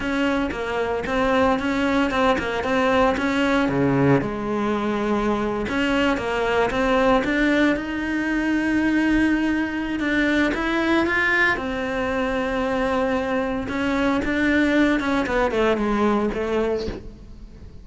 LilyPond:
\new Staff \with { instrumentName = "cello" } { \time 4/4 \tempo 4 = 114 cis'4 ais4 c'4 cis'4 | c'8 ais8 c'4 cis'4 cis4 | gis2~ gis8. cis'4 ais16~ | ais8. c'4 d'4 dis'4~ dis'16~ |
dis'2. d'4 | e'4 f'4 c'2~ | c'2 cis'4 d'4~ | d'8 cis'8 b8 a8 gis4 a4 | }